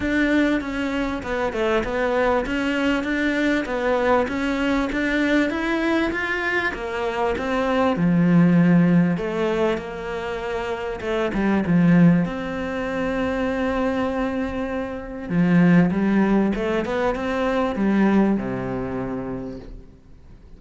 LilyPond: \new Staff \with { instrumentName = "cello" } { \time 4/4 \tempo 4 = 98 d'4 cis'4 b8 a8 b4 | cis'4 d'4 b4 cis'4 | d'4 e'4 f'4 ais4 | c'4 f2 a4 |
ais2 a8 g8 f4 | c'1~ | c'4 f4 g4 a8 b8 | c'4 g4 c2 | }